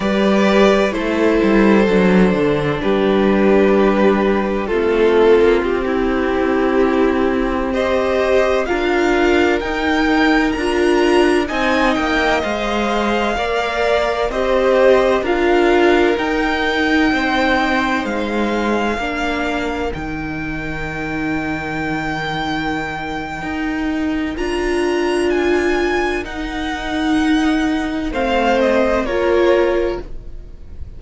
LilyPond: <<
  \new Staff \with { instrumentName = "violin" } { \time 4/4 \tempo 4 = 64 d''4 c''2 b'4~ | b'4 a'4 g'2~ | g'16 dis''4 f''4 g''4 ais''8.~ | ais''16 gis''8 g''8 f''2 dis''8.~ |
dis''16 f''4 g''2 f''8.~ | f''4~ f''16 g''2~ g''8.~ | g''2 ais''4 gis''4 | fis''2 f''8 dis''8 cis''4 | }
  \new Staff \with { instrumentName = "violin" } { \time 4/4 b'4 a'2 g'4~ | g'4 f'4~ f'16 e'4.~ e'16~ | e'16 c''4 ais'2~ ais'8.~ | ais'16 dis''2 d''4 c''8.~ |
c''16 ais'2 c''4.~ c''16~ | c''16 ais'2.~ ais'8.~ | ais'1~ | ais'2 c''4 ais'4 | }
  \new Staff \with { instrumentName = "viola" } { \time 4/4 g'4 e'4 d'2~ | d'4 c'2.~ | c'16 g'4 f'4 dis'4 f'8.~ | f'16 dis'4 c''4 ais'4 g'8.~ |
g'16 f'4 dis'2~ dis'8.~ | dis'16 d'4 dis'2~ dis'8.~ | dis'2 f'2 | dis'2 c'4 f'4 | }
  \new Staff \with { instrumentName = "cello" } { \time 4/4 g4 a8 g8 fis8 d8 g4~ | g4 a8. ais16 c'2~ | c'4~ c'16 d'4 dis'4 d'8.~ | d'16 c'8 ais8 gis4 ais4 c'8.~ |
c'16 d'4 dis'4 c'4 gis8.~ | gis16 ais4 dis2~ dis8.~ | dis4 dis'4 d'2 | dis'2 a4 ais4 | }
>>